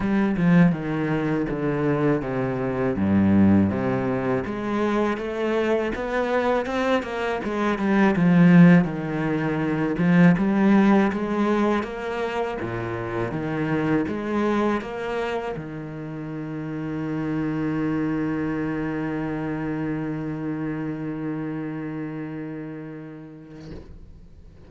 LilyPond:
\new Staff \with { instrumentName = "cello" } { \time 4/4 \tempo 4 = 81 g8 f8 dis4 d4 c4 | g,4 c4 gis4 a4 | b4 c'8 ais8 gis8 g8 f4 | dis4. f8 g4 gis4 |
ais4 ais,4 dis4 gis4 | ais4 dis2.~ | dis1~ | dis1 | }